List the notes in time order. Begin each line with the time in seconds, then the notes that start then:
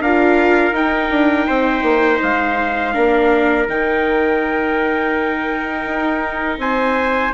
0.00 D4 F4 A#4 F5
0.72 D#4 G5
1.10 D4
1.46 C4 C5
1.82 A#3
2.22 G#3 F5
2.93 A#3 D4 A#4
3.67 D#3 D#4 G5
5.85 D#4
6.57 C4 C5 G#5